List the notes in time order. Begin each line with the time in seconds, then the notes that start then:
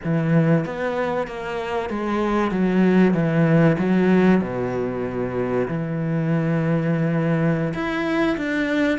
0.03 E3
0.65 B3
1.27 A#3
1.89 G#3
2.51 F#3
3.13 E3
3.78 F#3
4.41 B2
5.68 E3
7.73 E4
8.37 D4